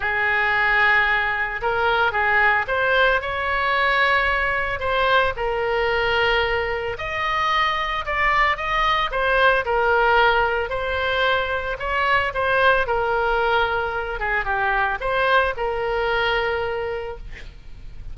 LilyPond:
\new Staff \with { instrumentName = "oboe" } { \time 4/4 \tempo 4 = 112 gis'2. ais'4 | gis'4 c''4 cis''2~ | cis''4 c''4 ais'2~ | ais'4 dis''2 d''4 |
dis''4 c''4 ais'2 | c''2 cis''4 c''4 | ais'2~ ais'8 gis'8 g'4 | c''4 ais'2. | }